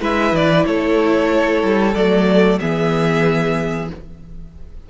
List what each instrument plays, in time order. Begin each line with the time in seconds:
0.00 cello G#3, viola E4, violin B4 E5
0.32 cello E3, violin D5
0.66 cello A3, violin A4 C#5
1.63 cello G3
1.95 cello F#3, viola A3, violin D5
2.60 cello E3, viola B3, violin G#4 E5